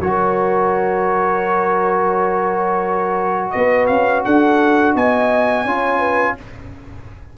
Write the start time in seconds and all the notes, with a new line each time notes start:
0.00 F#3 F#4 A#4 C#5
3.51 B3 B4 D#5
3.87 C#4 F5
4.25 D4 A4 F#5
4.95 B3 D#5 G#5
5.64 C#4 F4 C#5
5.99 B4